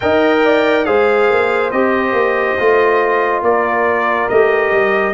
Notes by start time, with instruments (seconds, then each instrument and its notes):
0.00 tuba D#4, trombone A#4, horn D#5, trumpet G5
0.45 horn D5
0.85 tuba G#3, trombone G#4, horn C5, trumpet F5
1.29 tuba A#3
1.71 tuba C4, trombone G4, trumpet D#5
2.12 tuba A#3
2.59 tuba A3, trombone F4
3.42 tuba A#3, horn A#4, trumpet D5
4.29 tuba A3, trombone G4, trumpet D#5
4.71 tuba G3